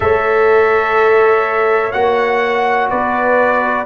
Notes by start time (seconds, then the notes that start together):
0.00 A3 A4 C#5 E5
1.92 A#3 F#4 F#5
2.90 B3 B4 D5